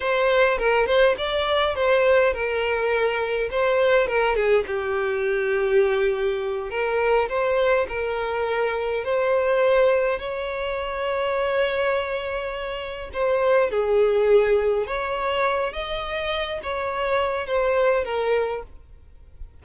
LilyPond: \new Staff \with { instrumentName = "violin" } { \time 4/4 \tempo 4 = 103 c''4 ais'8 c''8 d''4 c''4 | ais'2 c''4 ais'8 gis'8 | g'2.~ g'8 ais'8~ | ais'8 c''4 ais'2 c''8~ |
c''4. cis''2~ cis''8~ | cis''2~ cis''8 c''4 gis'8~ | gis'4. cis''4. dis''4~ | dis''8 cis''4. c''4 ais'4 | }